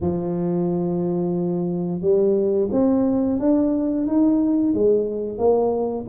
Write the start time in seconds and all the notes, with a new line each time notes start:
0.00 F3
2.01 G3
2.71 C4
3.39 D4
4.06 D#4
4.73 G#3
5.38 A#3